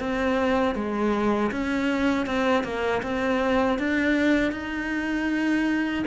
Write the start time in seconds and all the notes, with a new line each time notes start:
0.00 C4
0.75 G#3
1.51 C#4
2.26 C4
2.64 A#3
3.03 C4
3.79 D4
4.52 D#4